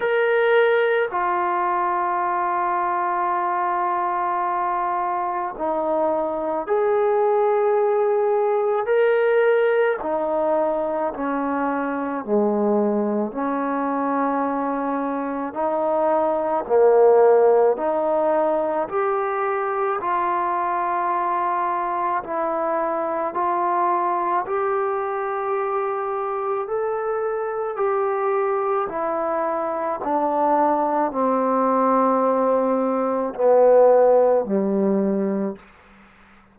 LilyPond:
\new Staff \with { instrumentName = "trombone" } { \time 4/4 \tempo 4 = 54 ais'4 f'2.~ | f'4 dis'4 gis'2 | ais'4 dis'4 cis'4 gis4 | cis'2 dis'4 ais4 |
dis'4 g'4 f'2 | e'4 f'4 g'2 | a'4 g'4 e'4 d'4 | c'2 b4 g4 | }